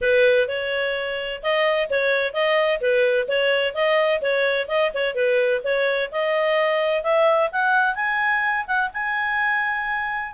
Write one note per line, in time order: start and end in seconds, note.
0.01 0.48 B4
0.48 1.41 C#5
1.42 1.89 D#5
1.90 2.33 C#5
2.33 2.80 D#5
2.80 3.27 B4
3.27 3.74 C#5
3.74 4.21 D#5
4.21 4.68 C#5
4.68 4.91 D#5
4.94 5.14 C#5
5.14 5.61 B4
5.64 6.10 C#5
6.11 7.03 D#5
7.03 7.50 E5
7.51 7.95 F#5
7.95 8.65 G#5
8.67 8.90 F#5
8.93 10.33 G#5